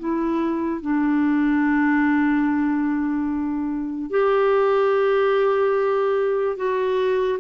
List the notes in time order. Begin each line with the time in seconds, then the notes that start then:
0.00 E4
0.82 D4
4.11 G4
6.57 F#4